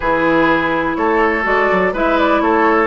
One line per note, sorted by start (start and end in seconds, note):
0.00 0.96 E3
0.00 1.43 E4
0.00 0.97 G#4
0.00 0.95 B4
0.95 1.45 A3
0.95 1.93 A4
0.95 1.44 C#5
1.43 1.69 G#3
1.43 1.91 F#4
1.43 1.94 D5
1.71 1.93 F#3
1.93 2.40 G#3
1.93 2.86 E4
1.93 2.41 B4
1.93 2.18 E5
2.18 2.40 D5
2.40 2.86 A3
2.40 2.86 A4
2.40 2.86 C#5